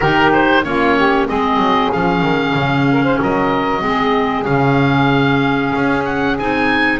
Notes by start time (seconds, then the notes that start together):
0.00 D#3 D#4 G4 A#4
0.32 C5
0.63 A#3 C#4 F4 C#5
0.97 G4
1.27 G#3 C4 G#4 D#5
1.57 F#3
1.92 F3 C#4 F5
2.22 D#3
2.55 C#3
2.91 A#4
3.03 C5
3.18 F#3 A#4 D#5
3.81 G#3 C4 G#4
4.44 C#3 C#4 F5
5.75 C#4
6.04 F#5
6.39 C4 D#4 G#5